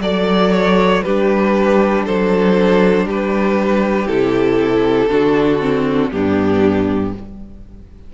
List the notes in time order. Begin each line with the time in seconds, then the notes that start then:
0.00 F#3 A4 D5
0.52 C#5
1.02 G3 D4 G4 B4
2.05 F#3 A4 C5
3.05 G3 G4 B4
4.07 C3 E4 A4
5.09 D3 D4 F#4
5.60 C4
6.11 G2 B3 D4 G4